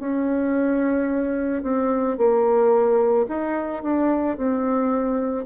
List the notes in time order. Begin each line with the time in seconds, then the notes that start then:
0.00 C#4
1.63 C4
2.18 A#3
3.29 D#4
3.83 D4
4.37 C4